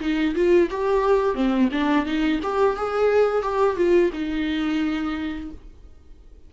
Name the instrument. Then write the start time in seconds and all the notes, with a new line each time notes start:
viola
0.00 D#4
0.35 F4
0.70 G4
1.35 C4
1.71 D4
2.05 D#4
2.43 G4
2.76 G#4
3.42 G4
3.76 F4
4.13 D#4